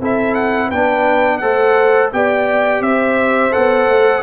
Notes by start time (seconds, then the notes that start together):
0.00 C4 E4 A4 E5
0.34 F#5
0.68 B3 D4 B4 G5
1.38 A3 A4 C5 F#5
2.13 B3 G4 D5 G5
2.80 C4 C5 E5
3.51 B3 A4 F#5
3.88 A3